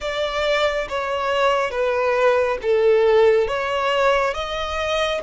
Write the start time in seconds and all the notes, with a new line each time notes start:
0.00 D5
0.88 C#5
1.70 B4
2.62 A4
3.47 C#5
4.34 D#5